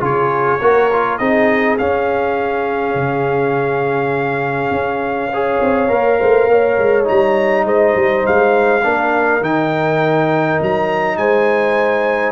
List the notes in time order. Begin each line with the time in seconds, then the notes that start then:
0.00 C#3 F4 G#4 C#5
0.60 A#3 F#4 A#4
0.92 F4
1.18 C4 D#4 G#4 D#5
1.78 C#4 F5
2.94 C#3
4.70 C#4
5.31 G#4 C#5
5.61 C4
5.88 A#3 A#4
6.19 A3 C5
6.48 A#3 C#5
6.78 G#3
7.04 G3 D#4 A#5
7.65 G#3 C5 D#5
7.95 G3
8.26 G#3 F5
8.83 A#3 D4 A#4
9.41 D#3 D#4 G5
10.62 F#3 A#5
11.17 G#3 C5 G#5